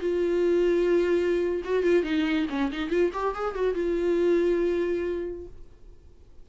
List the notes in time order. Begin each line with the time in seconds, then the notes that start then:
0.00 F4
1.64 F#4
1.83 F4
2.03 D#4
2.49 C#4
2.72 D#4
2.89 F4
3.13 G4
3.35 G#4
3.55 F#4
3.74 F4